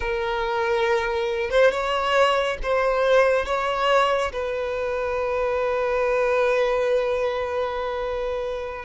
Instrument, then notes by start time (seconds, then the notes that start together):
violin
0.00 A#4
1.50 C5
1.71 C#5
2.63 C5
3.45 C#5
4.32 B4